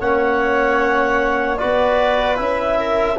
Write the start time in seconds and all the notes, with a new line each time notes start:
0.00 A#3 C#4 C#5 F#5
1.57 F#4 B4 D5
1.64 B3
2.37 C#4 E4 E5
2.79 A#4